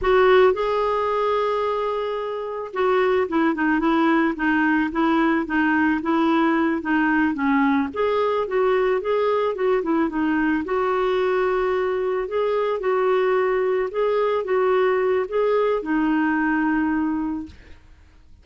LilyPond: \new Staff \with { instrumentName = "clarinet" } { \time 4/4 \tempo 4 = 110 fis'4 gis'2.~ | gis'4 fis'4 e'8 dis'8 e'4 | dis'4 e'4 dis'4 e'4~ | e'8 dis'4 cis'4 gis'4 fis'8~ |
fis'8 gis'4 fis'8 e'8 dis'4 fis'8~ | fis'2~ fis'8 gis'4 fis'8~ | fis'4. gis'4 fis'4. | gis'4 dis'2. | }